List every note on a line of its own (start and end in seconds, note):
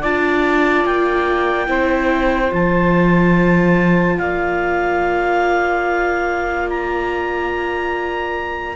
0.00 0.85 D4
0.00 1.67 F4
0.00 1.67 D5
0.00 0.85 A5
0.85 1.68 A#3
0.85 2.52 G5
1.67 2.51 C4
1.67 2.48 E4
1.67 4.16 C5
2.48 4.18 F3
2.48 8.73 F4
2.48 4.18 A5
4.16 8.76 A#3
4.16 8.74 D5
4.16 6.68 F5
6.69 8.76 A#5